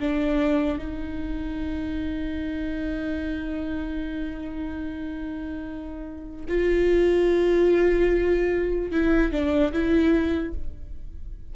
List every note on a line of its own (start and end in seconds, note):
0.00 0.79 D4
0.79 6.46 D#4
6.48 8.92 F4
8.92 9.32 E4
9.32 9.72 D4
9.73 10.54 E4